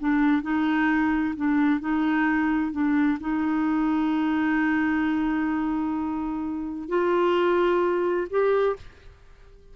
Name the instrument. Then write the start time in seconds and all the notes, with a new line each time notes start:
clarinet
0.00 D4
0.43 D#4
1.36 D4
1.80 D#4
2.72 D4
3.21 D#4
6.89 F4
8.31 G4